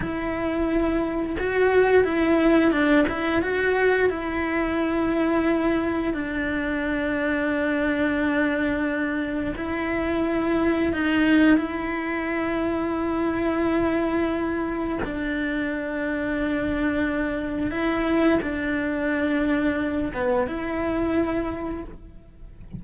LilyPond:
\new Staff \with { instrumentName = "cello" } { \time 4/4 \tempo 4 = 88 e'2 fis'4 e'4 | d'8 e'8 fis'4 e'2~ | e'4 d'2.~ | d'2 e'2 |
dis'4 e'2.~ | e'2 d'2~ | d'2 e'4 d'4~ | d'4. b8 e'2 | }